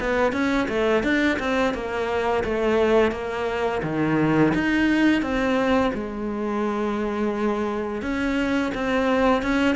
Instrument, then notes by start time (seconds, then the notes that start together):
cello
0.00 B3
0.33 C#4
0.69 A3
1.04 D4
1.39 C4
1.74 A#3
2.44 A3
3.12 A#3
3.83 D#3
4.55 D#4
5.22 C4
5.94 G#3
8.02 C#4
8.75 C4
9.43 C#4